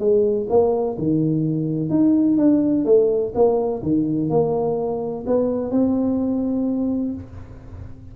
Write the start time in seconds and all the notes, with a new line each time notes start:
0.00 G#3
0.50 A#3
0.98 D#3
1.90 D#4
2.38 D4
2.85 A3
3.35 A#3
3.83 D#3
4.30 A#3
5.27 B3
5.71 C4